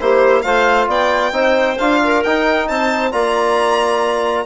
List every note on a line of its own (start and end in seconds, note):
0.00 0.44 A#3
0.00 0.45 E4
0.00 0.43 G4
0.00 0.42 C5
0.42 0.87 A3
0.42 1.32 F4
0.42 0.88 C5
0.42 0.86 F5
0.87 1.32 B3
0.87 1.33 D5
0.87 1.78 G5
1.32 1.76 C4
1.32 1.77 D#4
1.32 2.01 C5
1.78 2.25 D4
1.78 2.24 F4
1.78 2.22 F5
2.03 2.69 A#4
2.23 2.69 D#4
2.23 3.12 D#4
2.23 2.68 G5
2.68 3.13 C4
2.68 3.12 C5
2.68 3.12 A5
3.12 4.46 A#3
3.12 4.46 F4
3.12 4.46 D5
3.12 4.46 A#5